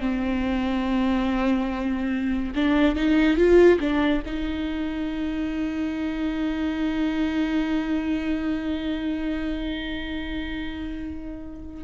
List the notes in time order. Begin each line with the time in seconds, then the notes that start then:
0.00 C4
2.55 D4
2.95 D#4
3.37 F4
3.80 D4
4.26 D#4